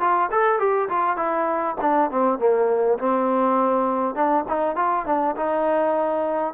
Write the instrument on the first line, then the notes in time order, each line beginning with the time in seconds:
trombone
0.00 F4
0.31 A4
0.59 G4
0.89 F4
1.16 E4
1.81 D4
2.11 C4
2.39 A#3
2.99 C4
4.15 D4
4.48 D#4
4.76 F4
5.05 D4
5.36 D#4